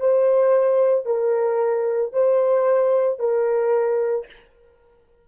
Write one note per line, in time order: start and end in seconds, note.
0.00 1.06 C5
1.06 2.13 A#4
2.13 3.19 C5
3.19 4.27 A#4